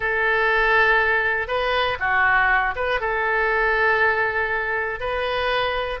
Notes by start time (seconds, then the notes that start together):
0.00 A4
1.47 B4
1.99 F#4
2.75 B4
3.00 A4
5.00 B4